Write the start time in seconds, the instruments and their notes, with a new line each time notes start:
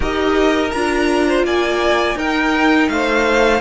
0.00 cello D#4, viola G4, violin A#4 D#5
0.71 cello D4, viola F4, violin A#5
1.27 violin C5
1.43 cello A#3, violin D5 G#5
2.15 cello D#4, viola D#4, violin A#4 G5
2.88 cello A3, violin C5 F5